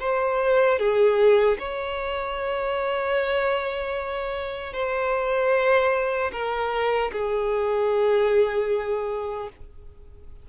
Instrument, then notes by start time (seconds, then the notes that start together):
violin
0.00 C5
0.79 G#4
1.59 C#5
4.73 C5
6.32 A#4
7.12 G#4